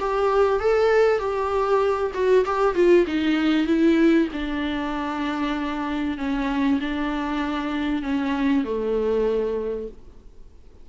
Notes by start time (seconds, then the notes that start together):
0.00 G4
0.60 A4
1.19 G4
2.14 F#4
2.45 G4
2.75 F4
3.07 D#4
3.66 E4
4.33 D4
6.18 C#4
6.81 D4
8.03 C#4
8.65 A3